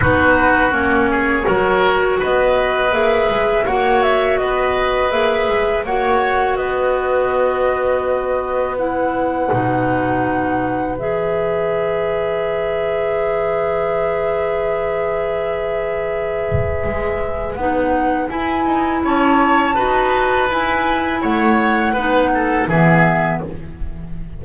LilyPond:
<<
  \new Staff \with { instrumentName = "flute" } { \time 4/4 \tempo 4 = 82 b'4 cis''2 dis''4 | e''4 fis''8 e''8 dis''4 e''4 | fis''4 dis''2. | fis''2. e''4~ |
e''1~ | e''1 | fis''4 gis''4 a''2 | gis''4 fis''2 e''4 | }
  \new Staff \with { instrumentName = "oboe" } { \time 4/4 fis'4. gis'8 ais'4 b'4~ | b'4 cis''4 b'2 | cis''4 b'2.~ | b'1~ |
b'1~ | b'1~ | b'2 cis''4 b'4~ | b'4 cis''4 b'8 a'8 gis'4 | }
  \new Staff \with { instrumentName = "clarinet" } { \time 4/4 dis'4 cis'4 fis'2 | gis'4 fis'2 gis'4 | fis'1 | e'4 dis'2 gis'4~ |
gis'1~ | gis'1 | dis'4 e'2 fis'4 | e'2 dis'4 b4 | }
  \new Staff \with { instrumentName = "double bass" } { \time 4/4 b4 ais4 fis4 b4 | ais8 gis8 ais4 b4 ais8 gis8 | ais4 b2.~ | b4 b,2 e4~ |
e1~ | e2. gis4 | b4 e'8 dis'8 cis'4 dis'4 | e'4 a4 b4 e4 | }
>>